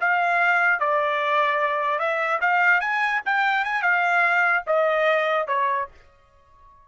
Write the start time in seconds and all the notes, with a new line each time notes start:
0.00 F5
0.80 D5
1.99 E5
2.41 F5
2.81 G#5
3.25 G5
3.65 G#5
3.82 F5
4.67 D#5
5.48 C#5